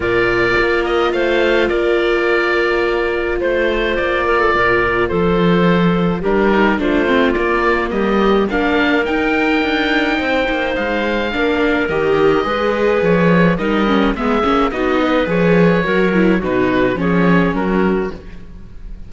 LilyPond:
<<
  \new Staff \with { instrumentName = "oboe" } { \time 4/4 \tempo 4 = 106 d''4. dis''8 f''4 d''4~ | d''2 c''4 d''4~ | d''4 c''2 ais'4 | c''4 d''4 dis''4 f''4 |
g''2. f''4~ | f''4 dis''2 cis''4 | dis''4 e''4 dis''4 cis''4~ | cis''4 b'4 cis''4 ais'4 | }
  \new Staff \with { instrumentName = "clarinet" } { \time 4/4 ais'2 c''4 ais'4~ | ais'2 c''4. ais'16 a'16 | ais'4 a'2 g'4 | f'2 g'4 ais'4~ |
ais'2 c''2 | ais'2 b'2 | ais'4 gis'4 fis'8 b'4. | ais'4 fis'4 gis'4 fis'4 | }
  \new Staff \with { instrumentName = "viola" } { \time 4/4 f'1~ | f'1~ | f'2. d'8 dis'8 | d'8 c'8 ais2 d'4 |
dis'1 | d'4 g'4 gis'2 | dis'8 cis'8 b8 cis'8 dis'4 gis'4 | fis'8 e'8 dis'4 cis'2 | }
  \new Staff \with { instrumentName = "cello" } { \time 4/4 ais,4 ais4 a4 ais4~ | ais2 a4 ais4 | ais,4 f2 g4 | a4 ais4 g4 ais4 |
dis'4 d'4 c'8 ais8 gis4 | ais4 dis4 gis4 f4 | g4 gis8 ais8 b4 f4 | fis4 b,4 f4 fis4 | }
>>